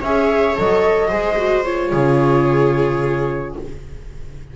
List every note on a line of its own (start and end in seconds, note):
0.00 0.56 C#4
0.00 0.57 G#4
0.00 1.08 C#5
0.00 0.57 E5
0.57 1.12 F#3
0.57 1.09 A4
0.57 1.64 D#5
1.08 1.92 G#3
1.08 1.36 G#4
1.08 1.90 C5
1.37 1.64 F#4
1.64 3.55 F4
1.64 3.55 C#5
1.92 3.56 C#3
1.92 3.55 G#4